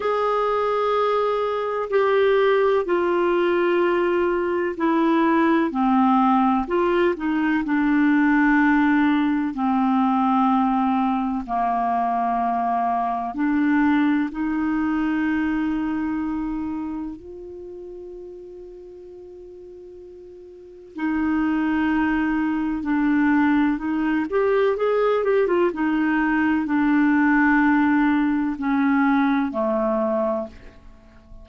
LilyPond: \new Staff \with { instrumentName = "clarinet" } { \time 4/4 \tempo 4 = 63 gis'2 g'4 f'4~ | f'4 e'4 c'4 f'8 dis'8 | d'2 c'2 | ais2 d'4 dis'4~ |
dis'2 f'2~ | f'2 dis'2 | d'4 dis'8 g'8 gis'8 g'16 f'16 dis'4 | d'2 cis'4 a4 | }